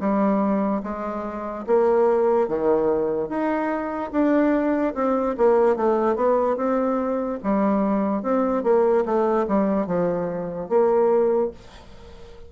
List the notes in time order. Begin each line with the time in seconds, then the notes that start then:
0.00 G3
0.83 G#3
1.66 A#3
2.48 D#3
3.29 D#4
4.12 D4
4.94 C4
5.37 A#3
5.76 A3
6.16 B3
6.56 C4
7.43 G3
8.23 C4
8.63 A#3
9.05 A3
9.48 G3
9.87 F3
10.69 A#3